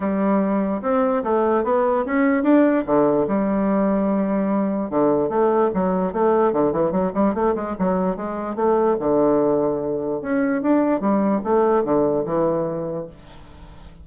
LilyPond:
\new Staff \with { instrumentName = "bassoon" } { \time 4/4 \tempo 4 = 147 g2 c'4 a4 | b4 cis'4 d'4 d4 | g1 | d4 a4 fis4 a4 |
d8 e8 fis8 g8 a8 gis8 fis4 | gis4 a4 d2~ | d4 cis'4 d'4 g4 | a4 d4 e2 | }